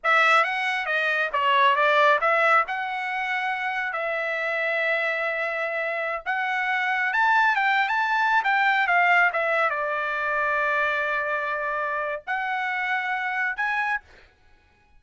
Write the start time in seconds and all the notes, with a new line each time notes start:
0.03 E5
0.44 F#5
0.86 D#5
1.32 C#5
1.75 D5
2.20 E5
2.67 F#5
3.93 E5
6.25 F#5
7.13 A5
7.55 G5
7.88 A5
8.43 G5
8.87 F5
9.32 E5
9.70 D5
12.26 F#5
13.56 G#5